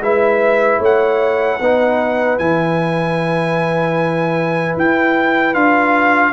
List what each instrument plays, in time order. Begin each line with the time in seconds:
0.00 tuba G#3, trombone E4, horn B4, trumpet E5
0.80 tuba A3, horn C#5, trumpet F#5
1.61 tuba B3, trombone D#4, horn B4
2.39 tuba E3, trombone E4, trumpet G#5
4.77 tuba E4, trumpet G5
5.55 tuba D4, trombone F4, trumpet F5